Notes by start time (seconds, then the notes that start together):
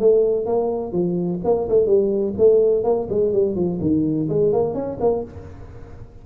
0.00 A3
0.46 A#3
0.92 F3
1.44 A#3
1.69 A3
1.86 G3
2.38 A3
2.84 A#3
3.09 G#3
3.33 G3
3.55 F3
3.81 D#3
4.29 G#3
4.53 A#3
4.74 C#4
5.00 A#3